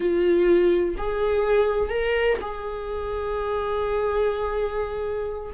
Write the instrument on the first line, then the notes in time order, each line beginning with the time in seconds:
viola
0.00 F4
0.97 G#4
1.89 A#4
2.41 G#4